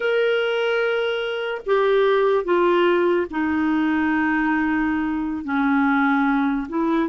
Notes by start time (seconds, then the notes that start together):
0.00 A#4
1.66 G4
2.44 F4
3.30 D#4
5.44 C#4
6.69 E4